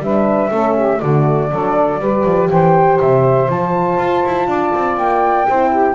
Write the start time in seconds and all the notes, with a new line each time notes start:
0.00 G3 D4 B4 E5
0.51 A3 C#4 A4
0.76 G4
1.00 D3 A3 F#4 D5
1.51 F#3 D4 A4
2.00 G3 G4 B4
2.25 F3
2.50 E3 C5 G5
3.00 C3 E5
3.49 F3 F4 A5
3.99 F4
4.26 E4
4.48 D4 D5
4.75 C4
4.98 A#3 G5
5.48 C4 E4 C5
5.71 G4